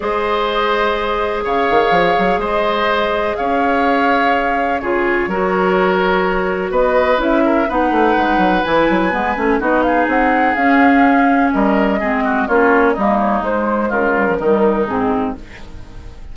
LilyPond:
<<
  \new Staff \with { instrumentName = "flute" } { \time 4/4 \tempo 4 = 125 dis''2. f''4~ | f''4 dis''2 f''4~ | f''2 cis''2~ | cis''2 dis''4 e''4 |
fis''2 gis''2 | dis''8 f''8 fis''4 f''2 | dis''2 cis''4 dis''8 cis''8 | c''4 ais'2 gis'4 | }
  \new Staff \with { instrumentName = "oboe" } { \time 4/4 c''2. cis''4~ | cis''4 c''2 cis''4~ | cis''2 gis'4 ais'4~ | ais'2 b'4. ais'8 |
b'1 | fis'8 gis'2.~ gis'8 | ais'4 gis'8 fis'8 f'4 dis'4~ | dis'4 f'4 dis'2 | }
  \new Staff \with { instrumentName = "clarinet" } { \time 4/4 gis'1~ | gis'1~ | gis'2 f'4 fis'4~ | fis'2. e'4 |
dis'2 e'4 b8 cis'8 | dis'2 cis'2~ | cis'4 c'4 cis'4 ais4 | gis4. g16 f16 g4 c'4 | }
  \new Staff \with { instrumentName = "bassoon" } { \time 4/4 gis2. cis8 dis8 | f8 fis8 gis2 cis'4~ | cis'2 cis4 fis4~ | fis2 b4 cis'4 |
b8 a8 gis8 fis8 e8 fis8 gis8 a8 | b4 c'4 cis'2 | g4 gis4 ais4 g4 | gis4 cis4 dis4 gis,4 | }
>>